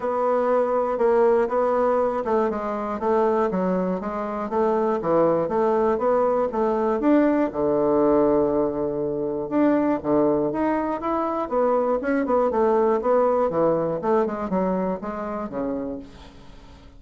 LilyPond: \new Staff \with { instrumentName = "bassoon" } { \time 4/4 \tempo 4 = 120 b2 ais4 b4~ | b8 a8 gis4 a4 fis4 | gis4 a4 e4 a4 | b4 a4 d'4 d4~ |
d2. d'4 | d4 dis'4 e'4 b4 | cis'8 b8 a4 b4 e4 | a8 gis8 fis4 gis4 cis4 | }